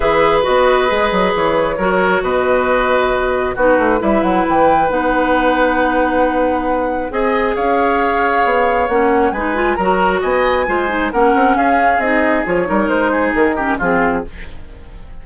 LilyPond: <<
  \new Staff \with { instrumentName = "flute" } { \time 4/4 \tempo 4 = 135 e''4 dis''2 cis''4~ | cis''4 dis''2. | b'4 e''8 fis''8 g''4 fis''4~ | fis''1 |
gis''4 f''2. | fis''4 gis''4 ais''4 gis''4~ | gis''4 fis''4 f''4 dis''4 | cis''4 c''4 ais'4 gis'4 | }
  \new Staff \with { instrumentName = "oboe" } { \time 4/4 b'1 | ais'4 b'2. | fis'4 b'2.~ | b'1 |
dis''4 cis''2.~ | cis''4 b'4 ais'4 dis''4 | c''4 ais'4 gis'2~ | gis'8 ais'4 gis'4 g'8 f'4 | }
  \new Staff \with { instrumentName = "clarinet" } { \time 4/4 gis'4 fis'4 gis'2 | fis'1 | dis'4 e'2 dis'4~ | dis'1 |
gis'1 | cis'4 dis'8 f'8 fis'2 | f'8 dis'8 cis'2 dis'4 | f'8 dis'2 cis'8 c'4 | }
  \new Staff \with { instrumentName = "bassoon" } { \time 4/4 e4 b4 gis8 fis8 e4 | fis4 b,2. | b8 a8 g8 fis8 e4 b4~ | b1 |
c'4 cis'2 b4 | ais4 gis4 fis4 b4 | gis4 ais8 c'8 cis'4 c'4 | f8 g8 gis4 dis4 f4 | }
>>